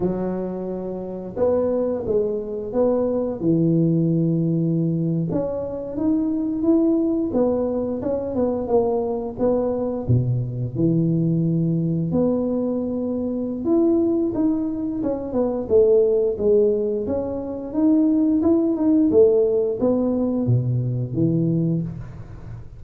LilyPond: \new Staff \with { instrumentName = "tuba" } { \time 4/4 \tempo 4 = 88 fis2 b4 gis4 | b4 e2~ e8. cis'16~ | cis'8. dis'4 e'4 b4 cis'16~ | cis'16 b8 ais4 b4 b,4 e16~ |
e4.~ e16 b2~ b16 | e'4 dis'4 cis'8 b8 a4 | gis4 cis'4 dis'4 e'8 dis'8 | a4 b4 b,4 e4 | }